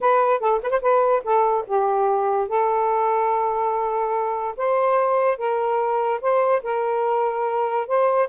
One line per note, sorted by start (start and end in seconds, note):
0.00 0.40 B4
0.40 0.60 A4
0.63 0.70 B4
0.70 0.81 C5
0.81 1.23 B4
1.23 1.65 A4
1.66 2.48 G4
2.48 4.55 A4
4.56 5.37 C5
5.37 6.20 A#4
6.21 6.62 C5
6.62 7.87 A#4
7.87 8.28 C5